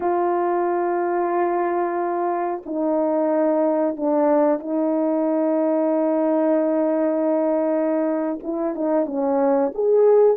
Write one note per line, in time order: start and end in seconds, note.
0.00 2.62 F4
2.65 3.96 D#4
3.96 4.59 D4
4.59 8.38 D#4
8.43 8.75 E4
8.75 9.05 D#4
9.05 9.71 C#4
9.74 10.37 G#4